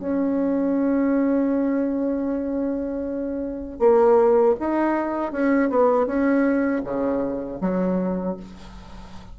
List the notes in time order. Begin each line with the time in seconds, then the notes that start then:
0.00 C#4
3.79 A#3
4.60 D#4
5.33 C#4
5.70 B3
6.07 C#4
6.85 C#3
7.61 F#3